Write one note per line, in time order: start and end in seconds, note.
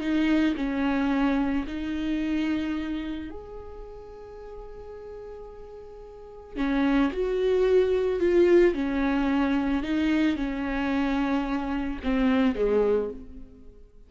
0.00 0.55 D#4
0.56 1.65 C#4
1.67 3.30 D#4
3.30 6.56 G#4
6.56 7.11 C#4
7.12 8.20 F#4
8.20 8.74 F4
8.74 9.83 C#4
9.83 10.36 D#4
10.36 12.00 C#4
12.03 12.56 C4
12.56 13.10 G#3